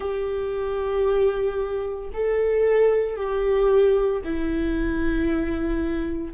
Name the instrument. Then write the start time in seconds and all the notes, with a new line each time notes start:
viola
0.00 G4
2.13 A4
3.16 G4
4.24 E4